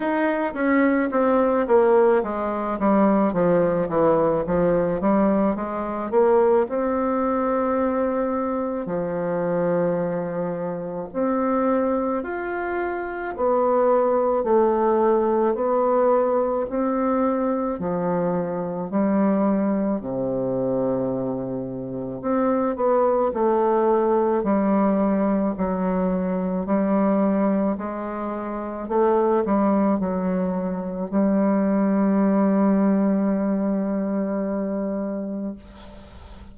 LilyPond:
\new Staff \with { instrumentName = "bassoon" } { \time 4/4 \tempo 4 = 54 dis'8 cis'8 c'8 ais8 gis8 g8 f8 e8 | f8 g8 gis8 ais8 c'2 | f2 c'4 f'4 | b4 a4 b4 c'4 |
f4 g4 c2 | c'8 b8 a4 g4 fis4 | g4 gis4 a8 g8 fis4 | g1 | }